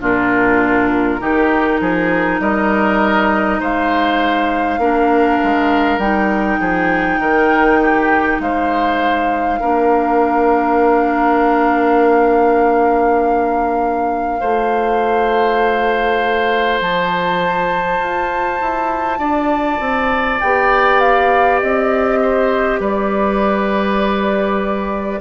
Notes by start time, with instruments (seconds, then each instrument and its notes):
0.00 bassoon A#2, clarinet D4, oboe F4, flute A#4
1.19 bassoon D#3, clarinet D#4, oboe G4
1.80 bassoon F3, oboe G#4
2.40 bassoon G3, oboe A#4, flute D#5
3.60 bassoon G#3, oboe C5, flute F5
4.78 bassoon A#3, clarinet D4, oboe A#4
5.43 bassoon G#3
5.98 bassoon G3, clarinet D#4, flute G5
6.59 bassoon F3, oboe G#4
7.19 bassoon D#3, oboe A#4
7.81 oboe G4
8.39 bassoon G#3, oboe C5, flute F5
9.60 bassoon A#3, clarinet D4, oboe A#4
14.39 bassoon A3, clarinet F4, oboe C5
16.80 bassoon F3, flute A5
17.98 bassoon F4
18.61 bassoon E4
19.18 bassoon D4, oboe D5
19.79 bassoon C4
20.40 bassoon B3, clarinet G4, flute G5
20.99 flute F5
21.59 bassoon C4, flute D#5
22.21 oboe C5
22.79 bassoon G3, oboe B4, flute D5